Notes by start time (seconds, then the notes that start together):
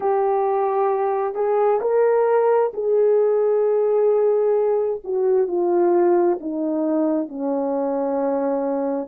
0.00 G4
1.34 G#4
1.81 A#4
2.73 G#4
5.04 F#4
5.47 F4
6.40 D#4
7.28 C#4